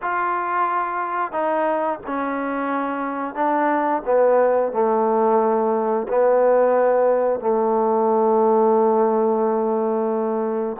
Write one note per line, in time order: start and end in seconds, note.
0.02 1.31 F4
1.31 1.99 D#4
2.06 3.34 C#4
3.34 4.02 D4
4.05 4.72 B3
4.72 6.07 A3
6.08 7.39 B3
7.39 10.77 A3